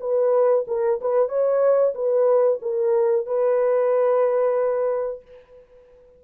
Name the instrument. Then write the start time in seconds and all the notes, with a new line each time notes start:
horn
0.00 B4
0.67 A#4
1.00 B4
1.28 C#5
1.94 B4
2.61 A#4
3.26 B4